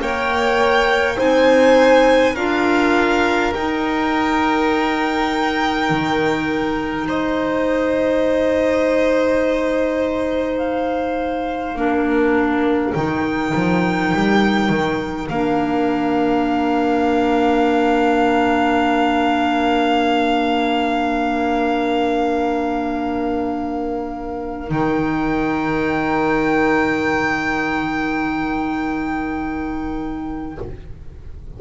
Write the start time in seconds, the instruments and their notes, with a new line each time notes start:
0.00 double bass A#3, clarinet A#4, violin C#5 G5
1.17 double bass C4, clarinet D#4, violin C5 G#5
2.34 double bass D4, clarinet F4, violin A#4 F5
3.54 double bass D#4, clarinet D#4, violin G5
5.90 double bass D#3
7.06 double bass G#3, violin C5 D#5
10.58 violin F5
11.75 double bass A#3, clarinet D4, violin A#4
12.93 double bass D#3, clarinet D#4, violin G5
13.55 double bass F3
14.14 double bass G3
14.69 double bass D#3
15.29 double bass A#3, clarinet D4, violin F5
24.67 double bass D#3, clarinet D#4, violin G5